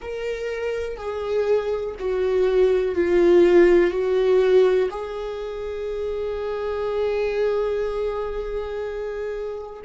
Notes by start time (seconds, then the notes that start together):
0.01 A#4
0.96 G#4
1.99 F#4
2.95 F4
3.91 F#4
4.90 G#4